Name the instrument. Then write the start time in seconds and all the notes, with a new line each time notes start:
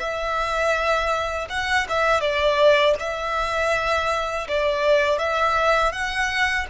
violin
0.00 E5
1.49 F#5
1.89 E5
2.21 D5
2.99 E5
4.48 D5
5.19 E5
5.92 F#5